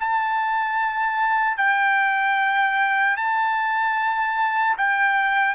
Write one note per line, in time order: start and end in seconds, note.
0.00 1.57 A5
1.57 3.17 G5
3.17 4.77 A5
4.77 5.55 G5